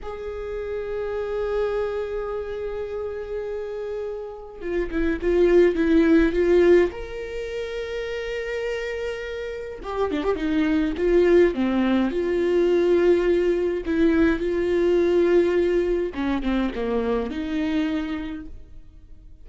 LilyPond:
\new Staff \with { instrumentName = "viola" } { \time 4/4 \tempo 4 = 104 gis'1~ | gis'1 | f'8 e'8 f'4 e'4 f'4 | ais'1~ |
ais'4 g'8 d'16 g'16 dis'4 f'4 | c'4 f'2. | e'4 f'2. | cis'8 c'8 ais4 dis'2 | }